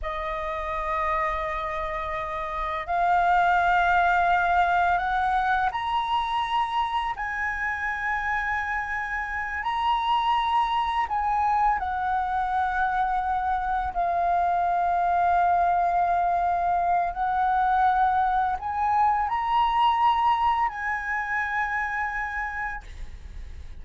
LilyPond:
\new Staff \with { instrumentName = "flute" } { \time 4/4 \tempo 4 = 84 dis''1 | f''2. fis''4 | ais''2 gis''2~ | gis''4. ais''2 gis''8~ |
gis''8 fis''2. f''8~ | f''1 | fis''2 gis''4 ais''4~ | ais''4 gis''2. | }